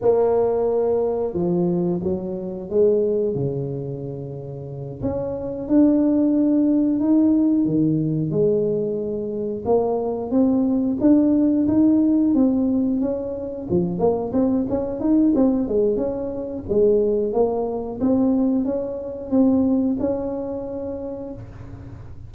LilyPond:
\new Staff \with { instrumentName = "tuba" } { \time 4/4 \tempo 4 = 90 ais2 f4 fis4 | gis4 cis2~ cis8 cis'8~ | cis'8 d'2 dis'4 dis8~ | dis8 gis2 ais4 c'8~ |
c'8 d'4 dis'4 c'4 cis'8~ | cis'8 f8 ais8 c'8 cis'8 dis'8 c'8 gis8 | cis'4 gis4 ais4 c'4 | cis'4 c'4 cis'2 | }